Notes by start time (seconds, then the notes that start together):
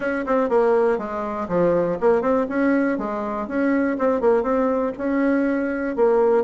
0.00 C#4
0.25 C4
0.49 A#3
0.98 G#3
1.48 F3
2.00 A#3
2.21 C4
2.48 C#4
2.98 G#3
3.47 C#4
3.98 C4
4.20 A#3
4.43 C4
4.97 C#4
5.95 A#3